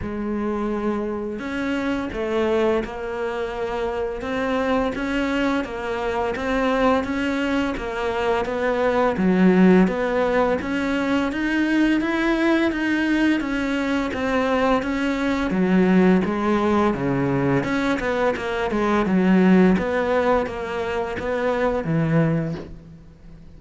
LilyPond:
\new Staff \with { instrumentName = "cello" } { \time 4/4 \tempo 4 = 85 gis2 cis'4 a4 | ais2 c'4 cis'4 | ais4 c'4 cis'4 ais4 | b4 fis4 b4 cis'4 |
dis'4 e'4 dis'4 cis'4 | c'4 cis'4 fis4 gis4 | cis4 cis'8 b8 ais8 gis8 fis4 | b4 ais4 b4 e4 | }